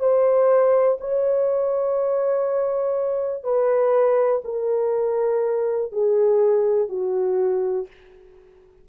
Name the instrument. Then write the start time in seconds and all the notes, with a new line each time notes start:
horn
0.00 C5
1.01 C#5
3.44 B4
4.44 A#4
5.92 G#4
6.89 F#4